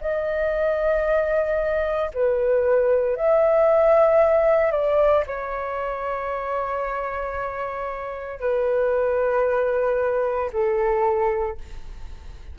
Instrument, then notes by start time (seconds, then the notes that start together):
flute
0.00 D#5
2.13 B4
3.16 E5
4.71 D5
5.26 C#5
8.40 B4
10.52 A4